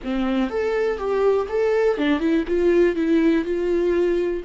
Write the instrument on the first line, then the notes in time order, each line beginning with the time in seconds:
viola
0.04 C4
0.49 A4
0.97 G4
1.49 A4
1.97 D4
2.19 E4
2.47 F4
2.95 E4
3.44 F4